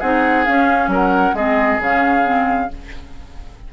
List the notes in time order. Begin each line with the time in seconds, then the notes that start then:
0.00 C4 D#4 G#4 F#5
0.45 C#4 F5
0.88 F#3 A#4
0.95 F#5
1.34 G#3 C4 G#4 D#5
1.80 C#3 C#4 F5
2.23 C4